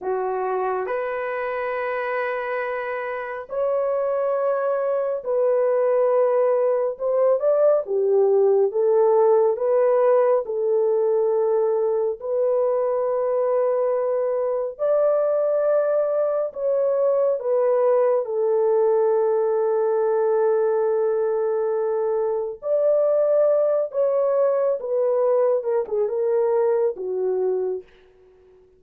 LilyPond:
\new Staff \with { instrumentName = "horn" } { \time 4/4 \tempo 4 = 69 fis'4 b'2. | cis''2 b'2 | c''8 d''8 g'4 a'4 b'4 | a'2 b'2~ |
b'4 d''2 cis''4 | b'4 a'2.~ | a'2 d''4. cis''8~ | cis''8 b'4 ais'16 gis'16 ais'4 fis'4 | }